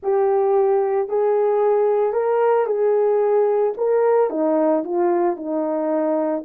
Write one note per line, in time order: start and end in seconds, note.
0.02 1.09 G4
1.09 2.13 G#4
2.13 2.66 A#4
2.66 3.73 G#4
3.77 4.30 A#4
4.30 4.83 D#4
4.84 5.36 F4
5.36 6.43 D#4